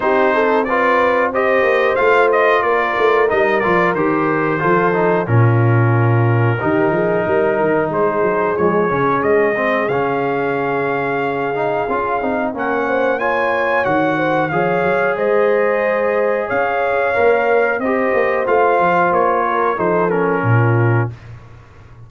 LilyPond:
<<
  \new Staff \with { instrumentName = "trumpet" } { \time 4/4 \tempo 4 = 91 c''4 d''4 dis''4 f''8 dis''8 | d''4 dis''8 d''8 c''2 | ais'1 | c''4 cis''4 dis''4 f''4~ |
f''2. fis''4 | gis''4 fis''4 f''4 dis''4~ | dis''4 f''2 dis''4 | f''4 cis''4 c''8 ais'4. | }
  \new Staff \with { instrumentName = "horn" } { \time 4/4 g'8 a'8 b'4 c''2 | ais'2. a'4 | f'2 g'8 gis'8 ais'4 | gis'1~ |
gis'2. ais'8 c''8 | cis''4. c''8 cis''4 c''4~ | c''4 cis''2 c''4~ | c''4. ais'8 a'4 f'4 | }
  \new Staff \with { instrumentName = "trombone" } { \time 4/4 dis'4 f'4 g'4 f'4~ | f'4 dis'8 f'8 g'4 f'8 dis'8 | cis'2 dis'2~ | dis'4 gis8 cis'4 c'8 cis'4~ |
cis'4. dis'8 f'8 dis'8 cis'4 | f'4 fis'4 gis'2~ | gis'2 ais'4 g'4 | f'2 dis'8 cis'4. | }
  \new Staff \with { instrumentName = "tuba" } { \time 4/4 c'2~ c'8 ais8 a4 | ais8 a8 g8 f8 dis4 f4 | ais,2 dis8 f8 g8 dis8 | gis8 fis8 f8 cis8 gis4 cis4~ |
cis2 cis'8 c'8 ais4~ | ais4 dis4 f8 fis8 gis4~ | gis4 cis'4 ais4 c'8 ais8 | a8 f8 ais4 f4 ais,4 | }
>>